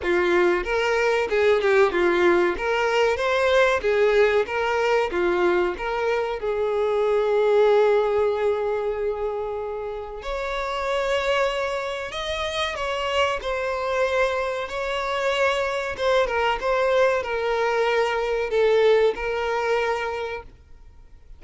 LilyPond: \new Staff \with { instrumentName = "violin" } { \time 4/4 \tempo 4 = 94 f'4 ais'4 gis'8 g'8 f'4 | ais'4 c''4 gis'4 ais'4 | f'4 ais'4 gis'2~ | gis'1 |
cis''2. dis''4 | cis''4 c''2 cis''4~ | cis''4 c''8 ais'8 c''4 ais'4~ | ais'4 a'4 ais'2 | }